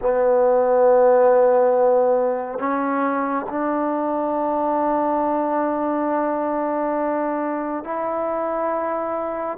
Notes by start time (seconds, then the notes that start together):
0.01 B3
2.58 C#4
3.49 D4
7.84 E4